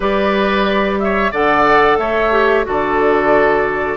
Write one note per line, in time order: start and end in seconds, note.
0.00 1.32 G3
0.00 1.33 G4
0.00 0.99 B4
0.00 0.99 D5
0.99 1.31 C#5
0.99 1.32 E5
1.31 1.98 D3
1.31 2.32 A4
1.31 1.98 D5
1.31 1.97 F#5
1.97 2.65 A3
1.97 2.65 C#5
1.97 2.64 E5
2.32 2.64 G4
2.64 3.97 D3
2.64 3.97 F#4
2.64 3.97 A4
2.64 3.97 D5